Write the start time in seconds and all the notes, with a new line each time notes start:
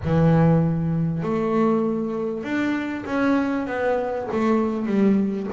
0.04 E3
1.22 A3
2.43 D4
3.05 C#4
3.66 B3
4.31 A3
4.86 G3